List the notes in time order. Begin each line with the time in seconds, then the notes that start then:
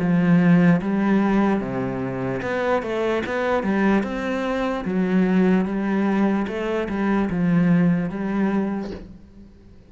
0.00 F3
0.82 G3
1.61 C3
2.43 B3
2.83 A3
3.27 B3
3.64 G3
4.04 C4
4.85 F#3
5.66 G3
6.48 A3
6.89 G3
7.30 F3
8.10 G3